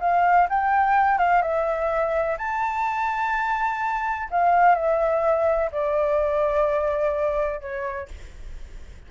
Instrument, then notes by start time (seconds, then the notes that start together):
flute
0.00 F5
0.49 G5
1.18 F5
1.41 E5
2.38 A5
4.30 F5
4.75 E5
5.72 D5
7.60 C#5